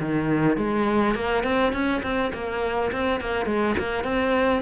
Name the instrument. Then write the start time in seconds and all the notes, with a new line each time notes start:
cello
0.00 D#3
0.57 G#3
1.16 A#3
1.44 C4
1.73 C#4
2.03 C4
2.34 A#3
2.92 C4
3.21 A#3
3.46 G#3
3.79 A#3
4.04 C4